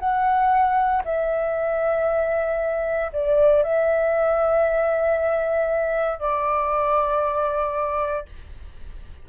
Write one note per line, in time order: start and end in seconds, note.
0.00 1.03 F#5
1.05 3.12 E5
3.13 3.63 D5
3.63 6.19 E5
6.19 8.26 D5